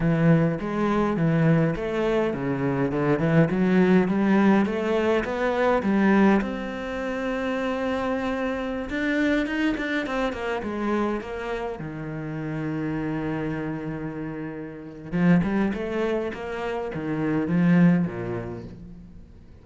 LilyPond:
\new Staff \with { instrumentName = "cello" } { \time 4/4 \tempo 4 = 103 e4 gis4 e4 a4 | cis4 d8 e8 fis4 g4 | a4 b4 g4 c'4~ | c'2.~ c'16 d'8.~ |
d'16 dis'8 d'8 c'8 ais8 gis4 ais8.~ | ais16 dis2.~ dis8.~ | dis2 f8 g8 a4 | ais4 dis4 f4 ais,4 | }